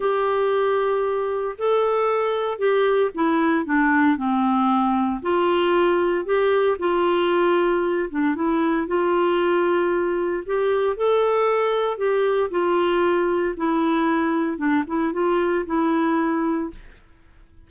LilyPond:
\new Staff \with { instrumentName = "clarinet" } { \time 4/4 \tempo 4 = 115 g'2. a'4~ | a'4 g'4 e'4 d'4 | c'2 f'2 | g'4 f'2~ f'8 d'8 |
e'4 f'2. | g'4 a'2 g'4 | f'2 e'2 | d'8 e'8 f'4 e'2 | }